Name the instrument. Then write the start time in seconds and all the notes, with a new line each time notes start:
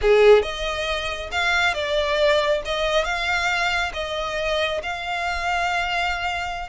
violin
0.01 G#4
0.42 D#5
1.31 F5
1.74 D5
2.65 D#5
3.04 F5
3.93 D#5
4.83 F5